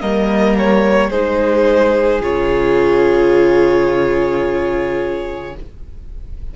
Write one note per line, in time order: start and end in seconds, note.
0.00 1.10 G3
0.00 1.11 A#3
0.00 1.10 A#4
0.00 0.56 D#5
0.58 1.10 C#5
1.10 2.21 G#3
1.10 2.21 D#4
1.10 5.54 G#4
1.10 2.22 C5
2.21 5.54 C#3
2.21 5.54 F4
2.21 5.56 C#5